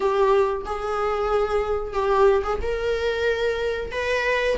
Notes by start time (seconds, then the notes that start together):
0.00 G4
0.65 G#4
1.93 G4
2.43 G#4
2.61 A#4
3.91 B4